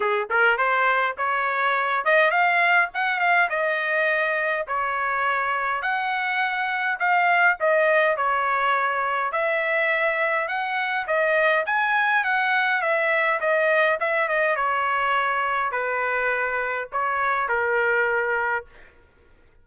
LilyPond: \new Staff \with { instrumentName = "trumpet" } { \time 4/4 \tempo 4 = 103 gis'8 ais'8 c''4 cis''4. dis''8 | f''4 fis''8 f''8 dis''2 | cis''2 fis''2 | f''4 dis''4 cis''2 |
e''2 fis''4 dis''4 | gis''4 fis''4 e''4 dis''4 | e''8 dis''8 cis''2 b'4~ | b'4 cis''4 ais'2 | }